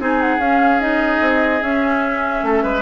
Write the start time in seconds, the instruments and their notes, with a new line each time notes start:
0.00 bassoon C4, clarinet D#4, oboe G#4, flute G#5
0.21 flute F#5
0.38 bassoon C#4, clarinet C#4, flute F5
0.80 clarinet D#4, flute D#5
1.21 bassoon C4
1.62 bassoon C#4, clarinet C#4, flute E5
2.43 bassoon A3, oboe A4
2.63 bassoon G#3, oboe B4